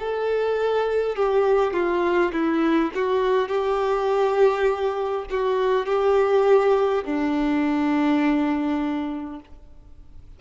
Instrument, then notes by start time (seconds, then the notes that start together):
violin
0.00 A4
1.16 G4
1.74 F4
2.33 E4
2.96 F#4
3.49 G4
5.31 F#4
5.87 G4
7.05 D4